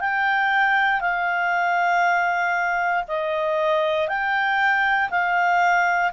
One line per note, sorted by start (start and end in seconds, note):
0.00 1.01 G5
1.01 3.04 F5
3.08 4.08 D#5
4.08 5.10 G5
5.10 6.12 F5